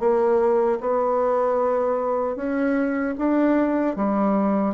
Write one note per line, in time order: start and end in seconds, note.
0.00 0.79 A#3
0.80 2.36 B3
2.36 3.15 C#4
3.18 3.96 D4
3.96 4.74 G3